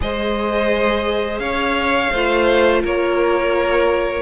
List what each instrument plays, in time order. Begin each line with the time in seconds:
0.00 cello G#3, viola G#4, violin C5 D#5
1.39 cello C#4, violin C#5 F5
2.11 cello A3, viola F4, violin C5
2.82 cello A#3, violin A#4 C#5